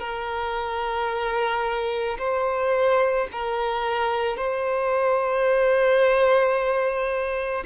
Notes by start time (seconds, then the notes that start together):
0.00 A#4
2.19 C5
3.32 A#4
4.37 C5